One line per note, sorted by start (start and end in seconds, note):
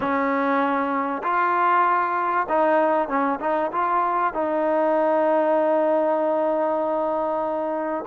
0.00 1.22 C#4
1.23 2.47 F4
2.49 3.08 D#4
3.08 3.39 C#4
3.40 3.71 D#4
3.72 4.33 F4
4.33 8.04 D#4